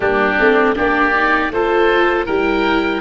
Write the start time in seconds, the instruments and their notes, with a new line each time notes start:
0.00 tuba G3, viola A#3, oboe D4 G4
0.37 tuba A3, viola C4
0.75 tuba A#3, viola D4, oboe G4 D5
1.14 viola D#4
1.50 tuba A3, viola F4, oboe A4 C5
2.25 tuba G3, viola E4, oboe A#4 G5